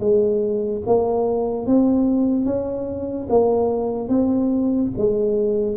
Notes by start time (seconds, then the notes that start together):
0.00 G#3
0.87 A#3
1.67 C4
2.45 C#4
3.30 A#3
4.09 C4
4.98 G#3